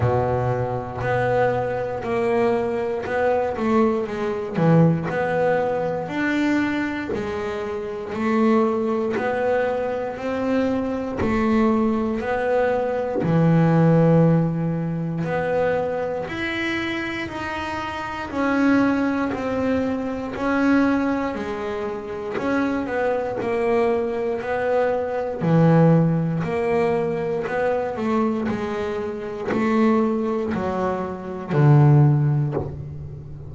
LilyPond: \new Staff \with { instrumentName = "double bass" } { \time 4/4 \tempo 4 = 59 b,4 b4 ais4 b8 a8 | gis8 e8 b4 d'4 gis4 | a4 b4 c'4 a4 | b4 e2 b4 |
e'4 dis'4 cis'4 c'4 | cis'4 gis4 cis'8 b8 ais4 | b4 e4 ais4 b8 a8 | gis4 a4 fis4 d4 | }